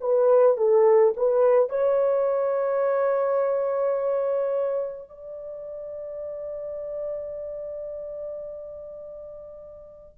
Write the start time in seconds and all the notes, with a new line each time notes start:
0.00 B4
0.57 A4
1.16 B4
1.69 C#5
5.08 D5